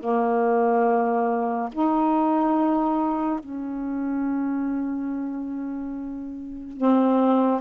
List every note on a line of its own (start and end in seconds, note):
0.00 1.69 A#3
1.72 3.39 D#4
3.39 6.77 C#4
6.77 7.61 C4